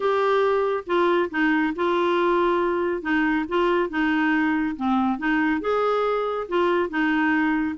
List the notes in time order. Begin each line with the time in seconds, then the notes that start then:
0.00 G4
0.86 F4
1.30 D#4
1.75 F4
3.02 D#4
3.48 F4
3.89 D#4
4.76 C4
5.18 D#4
5.60 G#4
6.48 F4
6.89 D#4